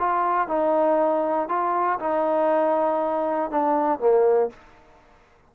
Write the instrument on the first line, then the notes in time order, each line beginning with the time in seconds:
trombone
0.00 F4
0.48 D#4
1.49 F4
2.00 D#4
3.51 D4
4.00 A#3